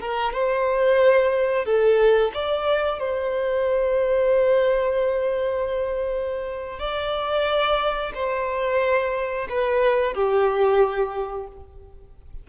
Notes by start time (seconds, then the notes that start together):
0.00 A#4
0.33 C5
1.65 A4
2.34 D5
2.99 C5
6.79 D5
8.14 C5
9.49 B4
10.14 G4